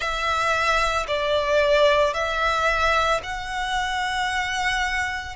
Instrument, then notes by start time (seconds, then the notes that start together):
violin
0.00 E5
1.07 D5
2.13 E5
3.23 F#5